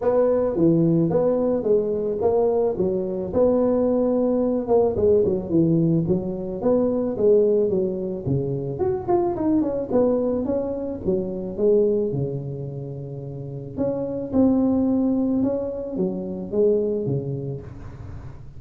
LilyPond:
\new Staff \with { instrumentName = "tuba" } { \time 4/4 \tempo 4 = 109 b4 e4 b4 gis4 | ais4 fis4 b2~ | b8 ais8 gis8 fis8 e4 fis4 | b4 gis4 fis4 cis4 |
fis'8 f'8 dis'8 cis'8 b4 cis'4 | fis4 gis4 cis2~ | cis4 cis'4 c'2 | cis'4 fis4 gis4 cis4 | }